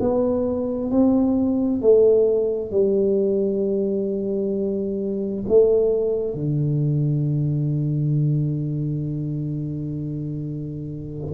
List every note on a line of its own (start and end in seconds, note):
0.00 0.91 B3
0.91 1.82 C4
1.82 2.71 A3
2.71 5.44 G3
5.48 6.34 A3
6.34 11.34 D3